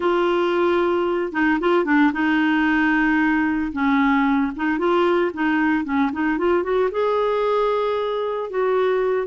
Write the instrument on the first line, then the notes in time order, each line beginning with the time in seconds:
clarinet
0.00 F4
1.32 D#4
1.60 F4
1.84 D4
2.12 D#4
3.72 C#4
4.55 D#4
4.78 F4
5.33 D#4
5.84 C#4
6.12 D#4
6.38 F4
6.63 F#4
6.91 G#4
8.50 F#4